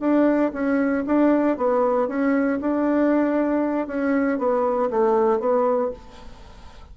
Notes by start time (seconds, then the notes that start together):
0.00 D4
0.53 C#4
1.06 D4
1.57 B3
2.08 C#4
2.61 D4
3.87 C#4
4.38 B3
4.90 A3
5.39 B3